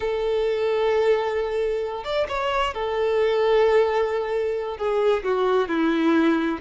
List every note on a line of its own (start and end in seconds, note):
0.00 2.04 A4
2.04 2.26 D5
2.28 2.74 C#5
2.74 4.77 A4
4.77 5.23 G#4
5.23 5.68 F#4
5.68 6.59 E4